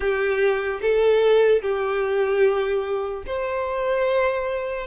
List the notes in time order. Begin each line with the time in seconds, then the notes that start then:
0.00 G4
0.81 A4
1.61 G4
3.26 C5